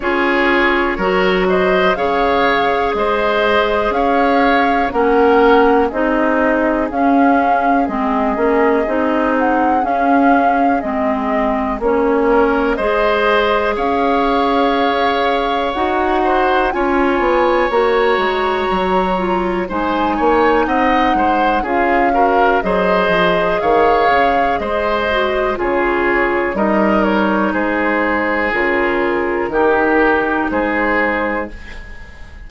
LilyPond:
<<
  \new Staff \with { instrumentName = "flute" } { \time 4/4 \tempo 4 = 61 cis''4. dis''8 f''4 dis''4 | f''4 fis''4 dis''4 f''4 | dis''4. fis''8 f''4 dis''4 | cis''4 dis''4 f''2 |
fis''4 gis''4 ais''2 | gis''4 fis''4 f''4 dis''4 | f''4 dis''4 cis''4 dis''8 cis''8 | c''4 ais'2 c''4 | }
  \new Staff \with { instrumentName = "oboe" } { \time 4/4 gis'4 ais'8 c''8 cis''4 c''4 | cis''4 ais'4 gis'2~ | gis'1~ | gis'8 ais'8 c''4 cis''2~ |
cis''8 c''8 cis''2. | c''8 cis''8 dis''8 c''8 gis'8 ais'8 c''4 | cis''4 c''4 gis'4 ais'4 | gis'2 g'4 gis'4 | }
  \new Staff \with { instrumentName = "clarinet" } { \time 4/4 f'4 fis'4 gis'2~ | gis'4 cis'4 dis'4 cis'4 | c'8 cis'8 dis'4 cis'4 c'4 | cis'4 gis'2. |
fis'4 f'4 fis'4. f'8 | dis'2 f'8 fis'8 gis'4~ | gis'4. fis'8 f'4 dis'4~ | dis'4 f'4 dis'2 | }
  \new Staff \with { instrumentName = "bassoon" } { \time 4/4 cis'4 fis4 cis4 gis4 | cis'4 ais4 c'4 cis'4 | gis8 ais8 c'4 cis'4 gis4 | ais4 gis4 cis'2 |
dis'4 cis'8 b8 ais8 gis8 fis4 | gis8 ais8 c'8 gis8 cis'4 fis8 f8 | dis8 cis8 gis4 cis4 g4 | gis4 cis4 dis4 gis4 | }
>>